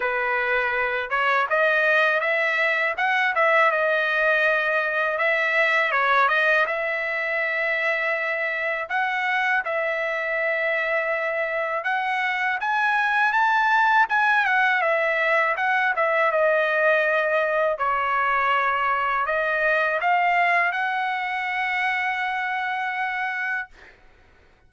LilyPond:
\new Staff \with { instrumentName = "trumpet" } { \time 4/4 \tempo 4 = 81 b'4. cis''8 dis''4 e''4 | fis''8 e''8 dis''2 e''4 | cis''8 dis''8 e''2. | fis''4 e''2. |
fis''4 gis''4 a''4 gis''8 fis''8 | e''4 fis''8 e''8 dis''2 | cis''2 dis''4 f''4 | fis''1 | }